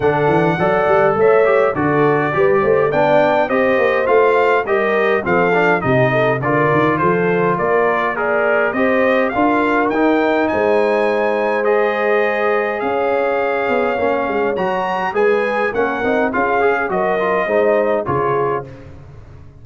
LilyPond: <<
  \new Staff \with { instrumentName = "trumpet" } { \time 4/4 \tempo 4 = 103 fis''2 e''4 d''4~ | d''4 g''4 dis''4 f''4 | dis''4 f''4 dis''4 d''4 | c''4 d''4 ais'4 dis''4 |
f''4 g''4 gis''2 | dis''2 f''2~ | f''4 ais''4 gis''4 fis''4 | f''4 dis''2 cis''4 | }
  \new Staff \with { instrumentName = "horn" } { \time 4/4 a'4 d''4 cis''4 a'4 | b'8 c''8 d''4 c''2 | ais'4 a'4 g'8 a'8 ais'4 | a'4 ais'4 d''4 c''4 |
ais'2 c''2~ | c''2 cis''2~ | cis''2 b'4 ais'4 | gis'4 ais'4 c''4 gis'4 | }
  \new Staff \with { instrumentName = "trombone" } { \time 4/4 d'4 a'4. g'8 fis'4 | g'4 d'4 g'4 f'4 | g'4 c'8 d'8 dis'4 f'4~ | f'2 gis'4 g'4 |
f'4 dis'2. | gis'1 | cis'4 fis'4 gis'4 cis'8 dis'8 | f'8 gis'8 fis'8 f'8 dis'4 f'4 | }
  \new Staff \with { instrumentName = "tuba" } { \time 4/4 d8 e8 fis8 g8 a4 d4 | g8 a8 b4 c'8 ais8 a4 | g4 f4 c4 d8 dis8 | f4 ais2 c'4 |
d'4 dis'4 gis2~ | gis2 cis'4. b8 | ais8 gis8 fis4 gis4 ais8 c'8 | cis'4 fis4 gis4 cis4 | }
>>